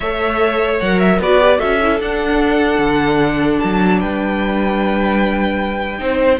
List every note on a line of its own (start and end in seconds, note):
0.00 0.80 A3
0.00 0.82 A4
0.00 1.19 C#5
0.00 0.79 E5
0.80 1.19 F#3
0.80 1.22 A#4
0.80 0.99 F#5
0.99 1.19 E5
1.19 1.59 B3
1.19 1.40 F#4
1.19 1.58 B4
1.19 1.60 D5
1.40 1.58 G4
1.58 1.99 C#4
1.58 1.78 F#4
1.58 3.98 A4
1.58 2.00 E5
1.82 1.99 E4
1.99 5.98 D4
1.99 2.78 D4
1.99 3.59 F#5
2.78 3.58 D3
3.59 4.02 F#3
3.59 3.99 A5
3.99 5.99 G3
3.99 5.99 B4
3.99 6.40 G5
5.98 6.39 C4
5.98 6.38 D#4
5.98 6.40 C5